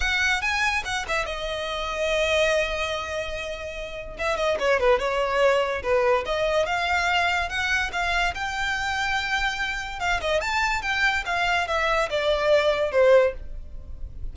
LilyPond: \new Staff \with { instrumentName = "violin" } { \time 4/4 \tempo 4 = 144 fis''4 gis''4 fis''8 e''8 dis''4~ | dis''1~ | dis''2 e''8 dis''8 cis''8 b'8 | cis''2 b'4 dis''4 |
f''2 fis''4 f''4 | g''1 | f''8 dis''8 a''4 g''4 f''4 | e''4 d''2 c''4 | }